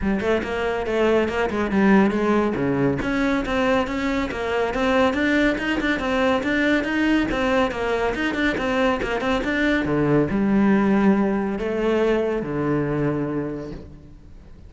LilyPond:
\new Staff \with { instrumentName = "cello" } { \time 4/4 \tempo 4 = 140 g8 a8 ais4 a4 ais8 gis8 | g4 gis4 cis4 cis'4 | c'4 cis'4 ais4 c'4 | d'4 dis'8 d'8 c'4 d'4 |
dis'4 c'4 ais4 dis'8 d'8 | c'4 ais8 c'8 d'4 d4 | g2. a4~ | a4 d2. | }